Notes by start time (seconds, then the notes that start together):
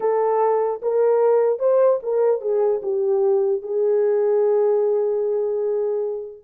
0.00 A4
0.82 A#4
1.59 C5
2.02 A#4
2.41 G#4
2.82 G4
3.62 G#4